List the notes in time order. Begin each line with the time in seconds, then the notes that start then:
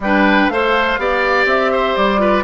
0.00 G3 D4 B4 G5
0.48 A3 A4 C5 F5
0.98 B3 G4 D5
1.45 C4 E5
1.72 C5
1.95 G3 D5
2.18 F4 B4